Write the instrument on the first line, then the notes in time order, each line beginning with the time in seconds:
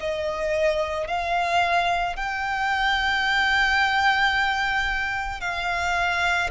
violin
0.00 D#5
1.07 F5
2.16 G5
5.40 F5